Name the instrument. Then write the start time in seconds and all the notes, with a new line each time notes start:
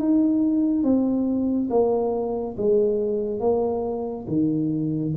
tuba
0.00 D#4
0.84 C4
1.71 A#3
2.58 G#3
3.41 A#3
4.28 D#3